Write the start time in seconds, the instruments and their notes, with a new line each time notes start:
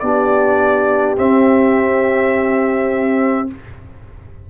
0.00 tuba B3, trombone D4, horn G4, trumpet D5
1.17 trombone C4, tuba C4, trumpet E5